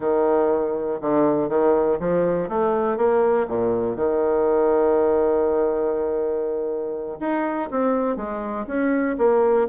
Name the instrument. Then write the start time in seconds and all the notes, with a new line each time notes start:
bassoon
0.00 D#3
1.01 D3
1.48 D#3
1.99 F3
2.49 A3
2.97 A#3
3.48 A#2
3.96 D#3
7.19 D#4
7.70 C4
8.16 G#3
8.67 C#4
9.17 A#3